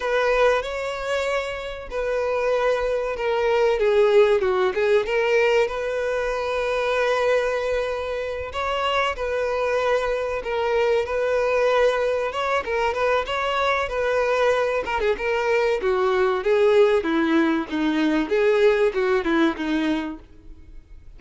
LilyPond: \new Staff \with { instrumentName = "violin" } { \time 4/4 \tempo 4 = 95 b'4 cis''2 b'4~ | b'4 ais'4 gis'4 fis'8 gis'8 | ais'4 b'2.~ | b'4. cis''4 b'4.~ |
b'8 ais'4 b'2 cis''8 | ais'8 b'8 cis''4 b'4. ais'16 gis'16 | ais'4 fis'4 gis'4 e'4 | dis'4 gis'4 fis'8 e'8 dis'4 | }